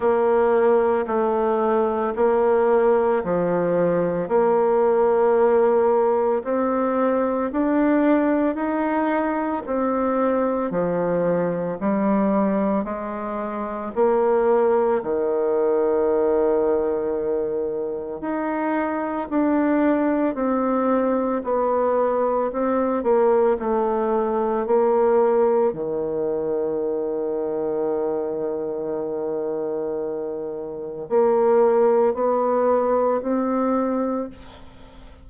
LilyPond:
\new Staff \with { instrumentName = "bassoon" } { \time 4/4 \tempo 4 = 56 ais4 a4 ais4 f4 | ais2 c'4 d'4 | dis'4 c'4 f4 g4 | gis4 ais4 dis2~ |
dis4 dis'4 d'4 c'4 | b4 c'8 ais8 a4 ais4 | dis1~ | dis4 ais4 b4 c'4 | }